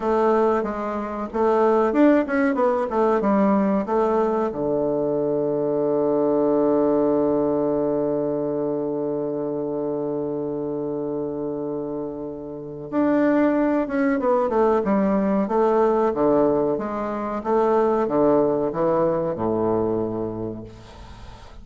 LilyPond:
\new Staff \with { instrumentName = "bassoon" } { \time 4/4 \tempo 4 = 93 a4 gis4 a4 d'8 cis'8 | b8 a8 g4 a4 d4~ | d1~ | d1~ |
d1 | d'4. cis'8 b8 a8 g4 | a4 d4 gis4 a4 | d4 e4 a,2 | }